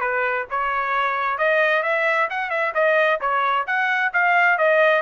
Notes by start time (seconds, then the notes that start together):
0.00 B4
0.50 C#5
1.38 D#5
1.83 E5
2.30 F#5
2.50 E5
2.74 D#5
3.20 C#5
3.67 F#5
4.13 F5
4.58 D#5